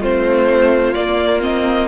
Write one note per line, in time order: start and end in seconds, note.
0.00 0.94 A3
0.00 0.96 C4
0.00 1.88 F4
0.00 0.94 C5
0.94 1.40 A#3
0.94 1.88 A#3
0.94 1.40 D5
1.40 1.87 C4
1.40 1.88 D#5